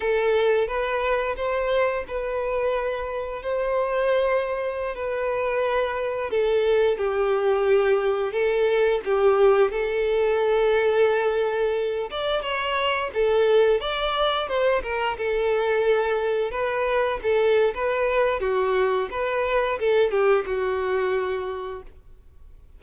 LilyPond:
\new Staff \with { instrumentName = "violin" } { \time 4/4 \tempo 4 = 88 a'4 b'4 c''4 b'4~ | b'4 c''2~ c''16 b'8.~ | b'4~ b'16 a'4 g'4.~ g'16~ | g'16 a'4 g'4 a'4.~ a'16~ |
a'4.~ a'16 d''8 cis''4 a'8.~ | a'16 d''4 c''8 ais'8 a'4.~ a'16~ | a'16 b'4 a'8. b'4 fis'4 | b'4 a'8 g'8 fis'2 | }